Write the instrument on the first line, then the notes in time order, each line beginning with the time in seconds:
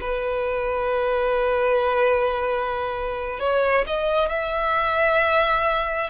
violin
0.00 B4
3.39 C#5
3.86 D#5
4.29 E5